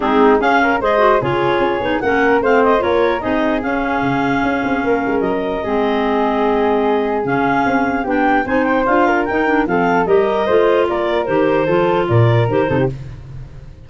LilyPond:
<<
  \new Staff \with { instrumentName = "clarinet" } { \time 4/4 \tempo 4 = 149 gis'4 f''4 dis''4 cis''4~ | cis''4 fis''4 f''8 dis''8 cis''4 | dis''4 f''2.~ | f''4 dis''2.~ |
dis''2 f''2 | g''4 gis''8 g''8 f''4 g''4 | f''4 dis''2 d''4 | c''2 d''4 c''4 | }
  \new Staff \with { instrumentName = "flute" } { \time 4/4 dis'4 gis'8 ais'8 c''4 gis'4~ | gis'4 ais'4 c''4 ais'4 | gis'1 | ais'2 gis'2~ |
gis'1 | g'4 c''4. ais'4. | a'4 ais'4 c''4 ais'4~ | ais'4 a'4 ais'4. a'16 g'16 | }
  \new Staff \with { instrumentName = "clarinet" } { \time 4/4 c'4 cis'4 gis'8 fis'8 f'4~ | f'8 dis'8 cis'4 c'4 f'4 | dis'4 cis'2.~ | cis'2 c'2~ |
c'2 cis'2 | d'4 dis'4 f'4 dis'8 d'8 | c'4 g'4 f'2 | g'4 f'2 g'8 dis'8 | }
  \new Staff \with { instrumentName = "tuba" } { \time 4/4 gis4 cis'4 gis4 cis4 | cis'8 b8 ais4 a4 ais4 | c'4 cis'4 cis4 cis'8 c'8 | ais8 gis8 fis4 gis2~ |
gis2 cis4 c'4 | b4 c'4 d'4 dis'4 | f4 g4 a4 ais4 | dis4 f4 ais,4 dis8 c8 | }
>>